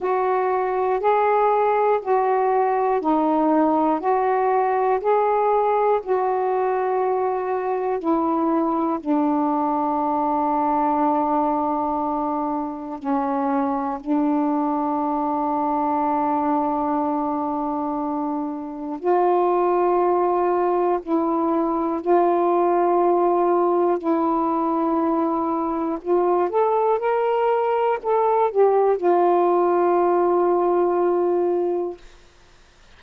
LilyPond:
\new Staff \with { instrumentName = "saxophone" } { \time 4/4 \tempo 4 = 60 fis'4 gis'4 fis'4 dis'4 | fis'4 gis'4 fis'2 | e'4 d'2.~ | d'4 cis'4 d'2~ |
d'2. f'4~ | f'4 e'4 f'2 | e'2 f'8 a'8 ais'4 | a'8 g'8 f'2. | }